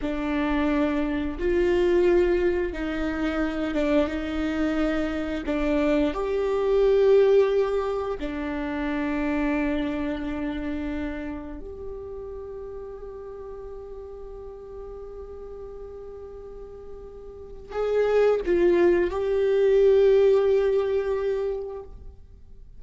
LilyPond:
\new Staff \with { instrumentName = "viola" } { \time 4/4 \tempo 4 = 88 d'2 f'2 | dis'4. d'8 dis'2 | d'4 g'2. | d'1~ |
d'4 g'2.~ | g'1~ | g'2 gis'4 f'4 | g'1 | }